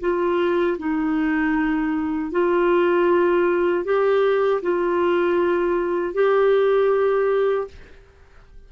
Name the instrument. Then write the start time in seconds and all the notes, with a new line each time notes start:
clarinet
0.00 F4
0.78 D#4
2.31 F4
3.84 G4
4.62 F4
6.14 G4